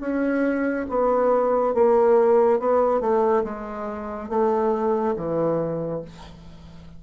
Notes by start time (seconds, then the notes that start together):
0.00 C#4
0.89 B3
1.74 A#3
2.59 B3
3.00 A3
3.44 G#3
4.29 A3
5.16 E3